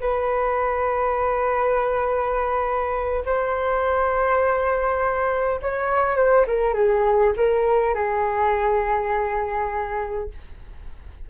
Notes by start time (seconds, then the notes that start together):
0.00 B4
3.25 C5
5.61 C#5
6.16 C5
6.47 A#4
6.74 G#4
7.36 A#4
7.95 G#4